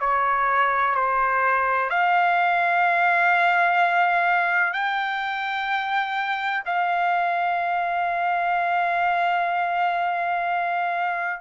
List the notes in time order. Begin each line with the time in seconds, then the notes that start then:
0.00 C#5
0.95 C5
1.90 F5
4.73 G5
6.65 F5